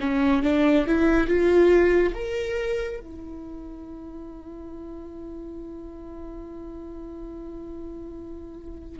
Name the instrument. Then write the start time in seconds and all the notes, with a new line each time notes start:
viola
0.00 C#4
0.42 D4
0.86 E4
1.27 F4
2.14 A#4
3.00 E4